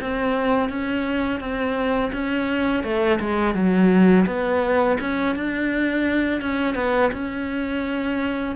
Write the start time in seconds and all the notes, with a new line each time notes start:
0.00 C4
0.69 C#4
1.40 C4
2.12 C#4
2.83 A3
3.20 G#3
3.54 F#3
4.26 B3
5.00 C#4
5.35 D4
6.41 C#4
6.75 B3
7.12 C#4